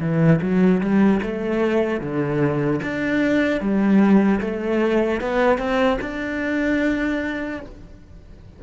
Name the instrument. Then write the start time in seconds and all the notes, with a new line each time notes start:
cello
0.00 E3
0.41 F#3
0.80 G3
1.22 A3
2.00 D3
2.82 D4
3.60 G3
4.40 A3
5.20 B3
5.58 C4
6.01 D4